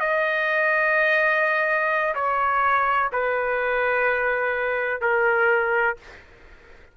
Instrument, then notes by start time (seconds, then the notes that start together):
trumpet
0.00 D#5
2.15 C#5
3.12 B4
5.01 A#4